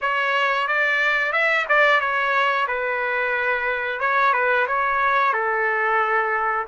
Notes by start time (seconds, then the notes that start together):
0.01 C#5
0.67 D5
1.32 E5
1.68 D5
2.00 C#5
2.67 B4
4.00 C#5
4.33 B4
4.67 C#5
5.33 A4